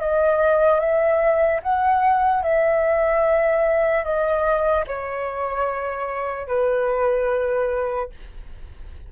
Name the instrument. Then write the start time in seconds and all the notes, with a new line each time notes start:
flute
0.00 D#5
0.80 E5
1.63 F#5
2.43 E5
4.04 D#5
4.87 C#5
6.48 B4